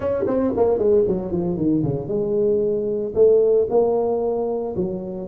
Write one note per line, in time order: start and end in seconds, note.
0.00 0.24 C#4
0.26 0.53 C4
0.56 0.78 A#3
0.78 1.04 G#3
1.07 1.31 F#3
1.31 1.56 F3
1.56 1.83 D#3
1.83 2.08 C#3
2.08 3.13 G#3
3.15 3.67 A3
3.70 4.75 A#3
4.75 5.28 F#3